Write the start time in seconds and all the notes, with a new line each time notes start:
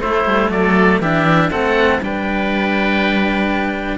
0.00 A3 E4 C5
0.25 G3
0.49 F#3 A4 D5
1.00 E3 D4 G4 E5
1.50 A3 C4 A4 F#5
1.99 G3 D4 B4 G5